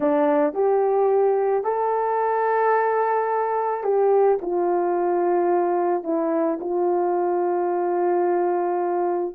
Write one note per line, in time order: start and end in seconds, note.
0.00 0.54 D4
0.54 1.64 G4
1.64 3.83 A4
3.83 4.38 G4
4.41 6.03 F4
6.03 6.58 E4
6.60 9.35 F4